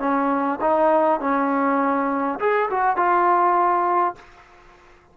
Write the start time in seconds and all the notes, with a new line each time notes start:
0.00 C#4
0.61 D#4
1.21 C#4
2.40 G#4
2.71 F#4
2.97 F4